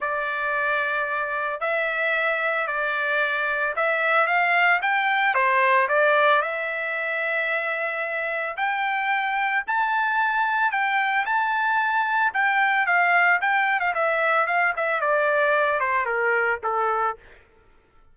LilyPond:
\new Staff \with { instrumentName = "trumpet" } { \time 4/4 \tempo 4 = 112 d''2. e''4~ | e''4 d''2 e''4 | f''4 g''4 c''4 d''4 | e''1 |
g''2 a''2 | g''4 a''2 g''4 | f''4 g''8. f''16 e''4 f''8 e''8 | d''4. c''8 ais'4 a'4 | }